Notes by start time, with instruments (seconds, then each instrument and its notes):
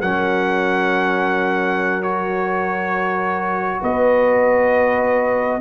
0.00 tuba F#3, trombone C#4, horn A#4, trumpet F#5
2.02 trombone F#4, trumpet C#5
3.81 tuba B3, horn B4, trumpet D#5